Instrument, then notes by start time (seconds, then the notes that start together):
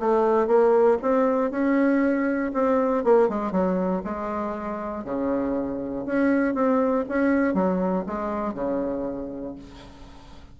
bassoon
0.00 A3
0.47 A#3
1.02 C4
1.51 C#4
2.54 C4
3.05 A#3
3.29 G#3
3.52 F#3
4.05 G#3
5.05 C#3
6.06 C#4
6.55 C4
7.09 C#4
7.54 F#3
8.07 G#3
8.55 C#3